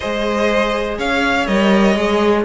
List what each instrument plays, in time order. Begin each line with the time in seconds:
0.00 cello G#3, viola G#4, violin C5 D#5
0.97 cello C#4, violin C#5 F5
1.46 cello G3, viola A#4, violin D#5
1.96 cello G#3, viola G#4